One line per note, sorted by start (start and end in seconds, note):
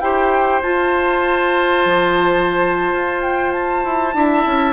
0.00 0.61 E4
0.00 0.62 G4
0.00 4.16 C5
0.00 0.61 G5
0.61 4.14 F4
0.61 1.85 F4
0.61 3.21 A5
1.85 2.92 F3
2.93 3.84 F4
3.21 3.52 G5
3.52 4.72 A5
3.84 4.13 E4
4.13 4.44 D4
4.13 4.72 E4
4.13 4.72 E5
4.46 4.72 C#4